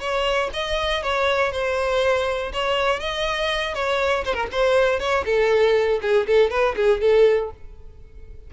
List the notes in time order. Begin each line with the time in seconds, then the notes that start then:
0.00 C#5
0.53 D#5
1.02 C#5
1.52 C5
2.52 C#5
2.99 D#5
3.74 C#5
4.25 C5
4.34 A#4
4.51 C5
4.99 C#5
5.25 A4
6.01 G#4
6.27 A4
6.50 B4
6.76 G#4
7.00 A4